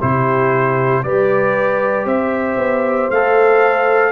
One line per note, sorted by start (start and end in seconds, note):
0.00 1.03 C3
0.00 1.04 E4
0.00 1.03 G4
0.00 1.03 C5
1.03 2.05 G3
1.03 3.11 G4
1.03 2.06 B4
1.03 2.06 D5
2.05 2.57 C4
2.05 4.12 C5
2.05 3.10 E5
2.57 3.09 B3
3.10 4.12 A3
3.10 4.12 A4
3.10 4.12 F5